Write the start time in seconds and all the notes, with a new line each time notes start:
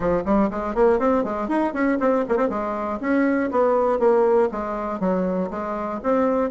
0.00 F3
0.25 G3
0.50 G#3
0.75 A#3
0.99 C4
1.23 G#3
1.48 D#4
1.73 C#4
2.00 C4
2.28 A#3
2.36 C4
2.49 G#3
3.00 C#4
3.51 B3
3.99 A#3
4.51 G#3
5.00 F#3
5.50 G#3
6.02 C4